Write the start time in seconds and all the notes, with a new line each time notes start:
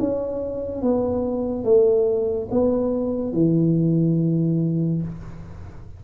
0.00 C#4
0.82 B3
1.64 A3
2.52 B3
3.33 E3